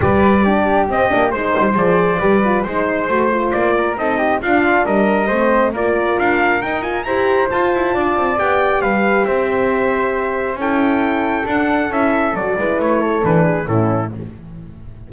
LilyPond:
<<
  \new Staff \with { instrumentName = "trumpet" } { \time 4/4 \tempo 4 = 136 d''2 dis''4 c''4 | d''2 c''2 | d''4 dis''4 f''4 dis''4~ | dis''4 d''4 f''4 g''8 gis''8 |
ais''4 a''2 g''4 | f''4 e''2. | g''2 fis''4 e''4 | d''4 cis''4 b'4 a'4 | }
  \new Staff \with { instrumentName = "flute" } { \time 4/4 b'4 g'2 c''4~ | c''4 b'4 c''2~ | c''8 ais'8 a'8 g'8 f'4 ais'4 | c''4 ais'2. |
c''2 d''2 | b'4 c''2. | a'1~ | a'8 b'4 a'4 gis'8 e'4 | }
  \new Staff \with { instrumentName = "horn" } { \time 4/4 g'4 d'4 c'8 d'8 dis'4 | gis'4 g'8 f'8 dis'4 fis'8 f'8~ | f'4 dis'4 d'2 | c'4 f'2 dis'8 f'8 |
g'4 f'2 g'4~ | g'1 | e'2 d'4 e'4 | fis'8 e'4. d'4 cis'4 | }
  \new Staff \with { instrumentName = "double bass" } { \time 4/4 g2 c'8 ais8 gis8 g8 | f4 g4 gis4 a4 | ais4 c'4 d'4 g4 | a4 ais4 d'4 dis'4 |
e'4 f'8 e'8 d'8 c'8 b4 | g4 c'2. | cis'2 d'4 cis'4 | fis8 gis8 a4 e4 a,4 | }
>>